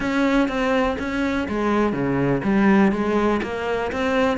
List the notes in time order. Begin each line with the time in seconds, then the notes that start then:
0.00 C#4
0.48 C4
0.99 C#4
1.48 G#3
1.92 C#3
2.43 G3
2.92 G#3
3.43 A#3
3.92 C4